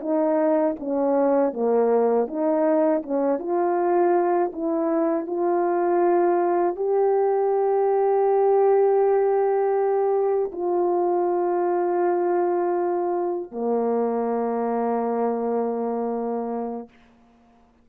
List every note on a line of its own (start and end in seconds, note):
0.00 0.75 D#4
0.79 1.53 C#4
1.53 2.27 A#3
2.27 3.02 D#4
3.02 3.39 C#4
3.39 4.51 F4
4.52 5.27 E4
5.27 6.76 F4
6.76 10.51 G4
10.52 13.51 F4
13.51 16.89 A#3